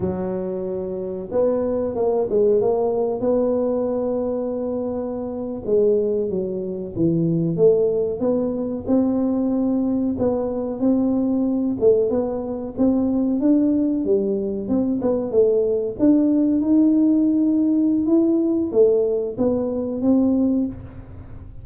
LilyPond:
\new Staff \with { instrumentName = "tuba" } { \time 4/4 \tempo 4 = 93 fis2 b4 ais8 gis8 | ais4 b2.~ | b8. gis4 fis4 e4 a16~ | a8. b4 c'2 b16~ |
b8. c'4. a8 b4 c'16~ | c'8. d'4 g4 c'8 b8 a16~ | a8. d'4 dis'2~ dis'16 | e'4 a4 b4 c'4 | }